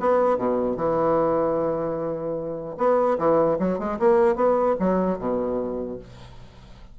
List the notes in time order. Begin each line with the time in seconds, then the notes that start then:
0.00 B3
0.37 B2
0.76 E3
2.77 B3
3.18 E3
3.59 F#3
3.79 G#3
3.99 A#3
4.35 B3
4.79 F#3
5.19 B2